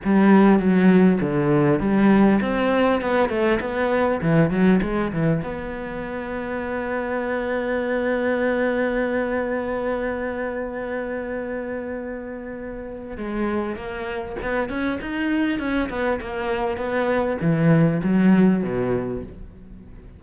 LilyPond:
\new Staff \with { instrumentName = "cello" } { \time 4/4 \tempo 4 = 100 g4 fis4 d4 g4 | c'4 b8 a8 b4 e8 fis8 | gis8 e8 b2.~ | b1~ |
b1~ | b2 gis4 ais4 | b8 cis'8 dis'4 cis'8 b8 ais4 | b4 e4 fis4 b,4 | }